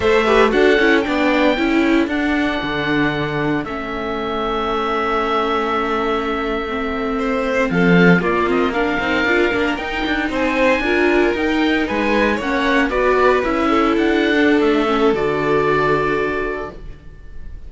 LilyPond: <<
  \new Staff \with { instrumentName = "oboe" } { \time 4/4 \tempo 4 = 115 e''4 fis''4 g''2 | fis''2. e''4~ | e''1~ | e''2~ e''8. f''4 d''16~ |
d''16 dis''8 f''2 g''4 gis''16~ | gis''4.~ gis''16 g''4 gis''4 fis''16~ | fis''8. d''4 e''4 fis''4~ fis''16 | e''4 d''2. | }
  \new Staff \with { instrumentName = "violin" } { \time 4/4 c''8 b'8 a'4 d''4 a'4~ | a'1~ | a'1~ | a'4.~ a'16 c''4 a'4 f'16~ |
f'8. ais'2. c''16~ | c''8. ais'2 b'4 cis''16~ | cis''8. b'4. a'4.~ a'16~ | a'1 | }
  \new Staff \with { instrumentName = "viola" } { \time 4/4 a'8 g'8 fis'8 e'8 d'4 e'4 | d'2. cis'4~ | cis'1~ | cis'8. c'2. ais16~ |
ais16 c'8 d'8 dis'8 f'8 d'8 dis'4~ dis'16~ | dis'8. f'4 dis'2 cis'16~ | cis'8. fis'4 e'4.~ e'16 d'8~ | d'8 cis'8 fis'2. | }
  \new Staff \with { instrumentName = "cello" } { \time 4/4 a4 d'8 cis'8 b4 cis'4 | d'4 d2 a4~ | a1~ | a2~ a8. f4 ais16~ |
ais4~ ais16 c'8 d'8 ais8 dis'8 d'8 c'16~ | c'8. d'4 dis'4 gis4 ais16~ | ais8. b4 cis'4 d'4~ d'16 | a4 d2. | }
>>